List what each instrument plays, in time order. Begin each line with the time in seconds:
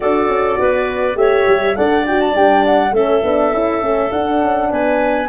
0.00 tuba D4, horn F#4, clarinet A4, flute D5
0.28 tuba C#4
0.59 tuba B3, clarinet B4
1.15 tuba A3, horn G4, clarinet C#5, flute E5
1.47 tuba G3
1.75 tuba D4, horn A4, clarinet D5, flute F#5
2.06 horn F#4, flute G5
2.20 flute A5
2.33 tuba G3, horn D4, flute G5
2.66 flute F#5
2.91 tuba A3, horn C#4, clarinet A4, flute E5
3.23 tuba B3, horn D4
3.52 tuba C#4, horn E4
3.81 tuba A3, horn C#4
4.11 tuba D4, horn D4, flute F#5
4.41 tuba C#4
4.70 tuba B3, clarinet B4, flute G#5